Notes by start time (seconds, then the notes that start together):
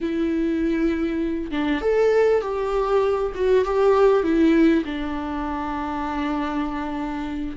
0.00 E4
1.51 D4
1.81 A4
2.41 G4
3.34 F#4
3.64 G4
4.23 E4
4.84 D4